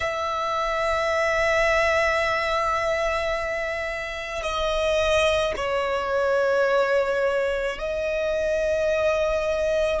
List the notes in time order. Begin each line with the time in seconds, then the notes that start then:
0.00 E5
4.42 D#5
5.56 C#5
7.78 D#5